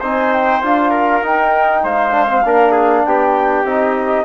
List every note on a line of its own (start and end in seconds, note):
0.00 0.62 C4
0.00 0.61 D#4
0.00 0.90 C5
0.00 0.32 G#5
0.32 0.63 G5
0.61 1.22 D4
0.61 1.22 F4
0.61 1.24 F5
0.90 1.81 A#4
1.22 1.82 D#4
1.22 2.11 D#4
1.22 1.85 G5
1.83 2.44 G#3
1.83 2.44 C5
1.83 3.05 F5
2.11 2.26 D4
2.27 2.42 C4
2.44 3.05 A#3
2.44 3.65 D4
2.44 2.71 A#4
2.71 3.01 G#4
3.05 3.64 B3
3.05 4.24 G4
3.05 3.65 G5
3.64 4.24 C4
3.64 4.24 D#4
3.64 4.24 D#5